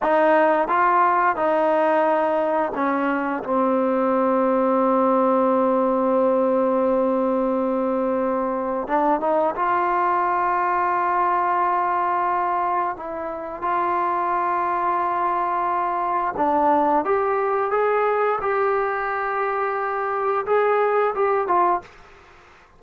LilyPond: \new Staff \with { instrumentName = "trombone" } { \time 4/4 \tempo 4 = 88 dis'4 f'4 dis'2 | cis'4 c'2.~ | c'1~ | c'4 d'8 dis'8 f'2~ |
f'2. e'4 | f'1 | d'4 g'4 gis'4 g'4~ | g'2 gis'4 g'8 f'8 | }